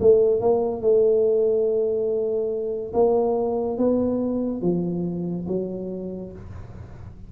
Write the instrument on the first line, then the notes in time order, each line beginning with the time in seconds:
tuba
0.00 A3
0.40 A#3
0.81 A3
2.93 A#3
3.78 B3
4.61 F3
5.48 F#3